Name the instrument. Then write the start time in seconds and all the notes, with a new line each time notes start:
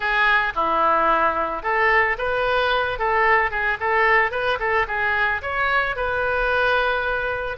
oboe
0.00 G#4
0.55 E4
1.62 A4
2.17 B4
2.99 A4
3.50 G#4
3.80 A4
4.31 B4
4.59 A4
4.87 G#4
5.42 C#5
5.96 B4